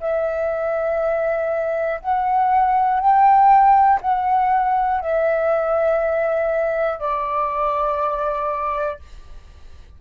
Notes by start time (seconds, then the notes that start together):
0.00 E5
2.01 F#5
3.00 G5
4.01 F#5
5.01 E5
6.99 D5